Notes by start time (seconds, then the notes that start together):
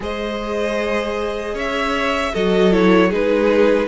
0.00 G#3 G#4 C5 D#5
1.54 C#4 C#5 E5
2.32 F#3 F#4 A4 D#5
2.71 E4 C#5
3.09 G#3 D#4 G#4 B4